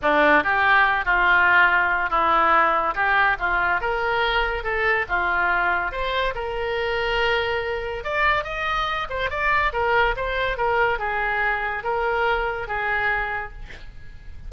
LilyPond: \new Staff \with { instrumentName = "oboe" } { \time 4/4 \tempo 4 = 142 d'4 g'4. f'4.~ | f'4 e'2 g'4 | f'4 ais'2 a'4 | f'2 c''4 ais'4~ |
ais'2. d''4 | dis''4. c''8 d''4 ais'4 | c''4 ais'4 gis'2 | ais'2 gis'2 | }